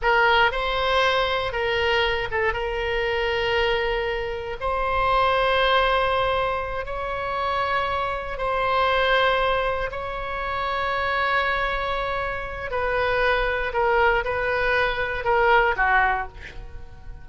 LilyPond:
\new Staff \with { instrumentName = "oboe" } { \time 4/4 \tempo 4 = 118 ais'4 c''2 ais'4~ | ais'8 a'8 ais'2.~ | ais'4 c''2.~ | c''4. cis''2~ cis''8~ |
cis''8 c''2. cis''8~ | cis''1~ | cis''4 b'2 ais'4 | b'2 ais'4 fis'4 | }